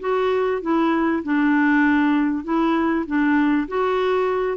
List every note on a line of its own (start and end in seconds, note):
0.00 0.61 F#4
0.62 1.23 E4
1.23 2.44 D4
2.44 3.05 E4
3.06 3.68 D4
3.68 4.57 F#4